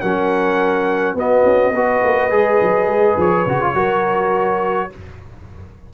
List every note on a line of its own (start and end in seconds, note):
0.00 1.14 F#3
0.00 1.16 C#4
0.00 1.16 A#4
0.00 1.15 F#5
1.14 1.43 B3
1.14 1.74 B3
1.14 1.74 F#4
1.14 3.20 D#5
1.44 1.72 C#4
1.72 2.01 B3
1.72 2.30 F#4
1.72 3.74 B4
2.04 2.31 A#3
2.30 2.60 G#3
2.30 3.45 G#4
2.61 2.87 F#3
2.87 3.16 G#3
3.17 3.46 F3
3.17 4.93 C#5
3.46 3.74 C#3
3.46 3.61 F#4
3.61 3.74 F4
3.74 4.90 F#3
3.74 4.90 F#4
3.74 4.90 A#4